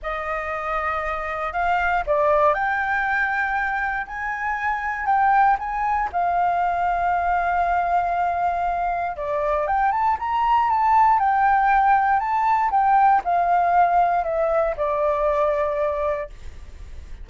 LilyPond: \new Staff \with { instrumentName = "flute" } { \time 4/4 \tempo 4 = 118 dis''2. f''4 | d''4 g''2. | gis''2 g''4 gis''4 | f''1~ |
f''2 d''4 g''8 a''8 | ais''4 a''4 g''2 | a''4 g''4 f''2 | e''4 d''2. | }